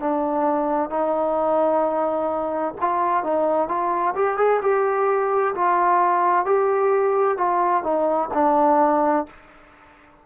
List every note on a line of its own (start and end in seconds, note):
0.00 0.90 D4
0.90 2.74 D#4
2.81 3.23 F4
3.23 3.68 D#4
3.68 4.14 F4
4.15 4.37 G4
4.37 4.60 G#4
4.62 5.54 G4
5.54 6.45 F4
6.45 7.37 G4
7.37 7.83 F4
7.83 8.29 D#4
8.34 9.26 D4